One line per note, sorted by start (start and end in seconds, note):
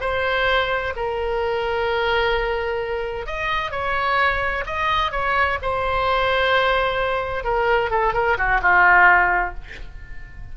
0.00 0.93 C5
0.96 3.26 A#4
3.26 3.71 D#5
3.71 4.64 C#5
4.66 5.11 D#5
5.11 5.58 C#5
5.61 7.44 C5
7.44 7.90 A#4
7.90 8.13 A4
8.13 8.37 A#4
8.37 8.60 F#4
8.61 9.54 F4